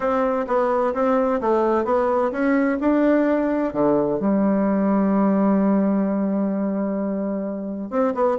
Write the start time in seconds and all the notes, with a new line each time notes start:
0.00 C4
0.47 B3
0.93 C4
1.41 A3
1.84 B3
2.31 C#4
2.80 D4
3.73 D3
4.19 G3
7.90 C4
8.14 B3